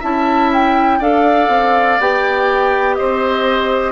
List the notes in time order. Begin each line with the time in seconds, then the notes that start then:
0.00 C#4 E4 E5 A5
0.53 G5
0.99 D4 A4 D5 F5
1.49 C4
2.00 B3 G4 G5
2.95 C4 C5 D#5